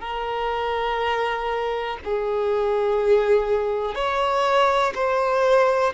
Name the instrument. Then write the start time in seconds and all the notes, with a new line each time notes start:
violin
0.00 A#4
2.04 G#4
3.94 C#5
4.95 C5